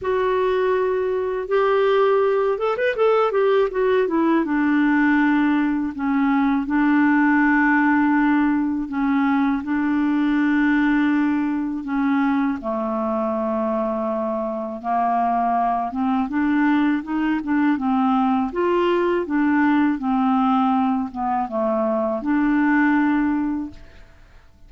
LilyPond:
\new Staff \with { instrumentName = "clarinet" } { \time 4/4 \tempo 4 = 81 fis'2 g'4. a'16 b'16 | a'8 g'8 fis'8 e'8 d'2 | cis'4 d'2. | cis'4 d'2. |
cis'4 a2. | ais4. c'8 d'4 dis'8 d'8 | c'4 f'4 d'4 c'4~ | c'8 b8 a4 d'2 | }